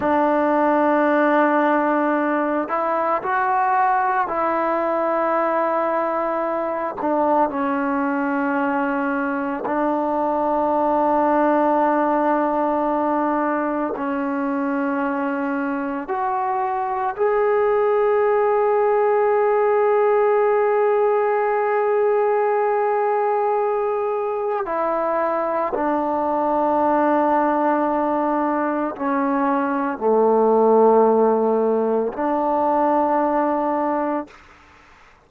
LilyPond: \new Staff \with { instrumentName = "trombone" } { \time 4/4 \tempo 4 = 56 d'2~ d'8 e'8 fis'4 | e'2~ e'8 d'8 cis'4~ | cis'4 d'2.~ | d'4 cis'2 fis'4 |
gis'1~ | gis'2. e'4 | d'2. cis'4 | a2 d'2 | }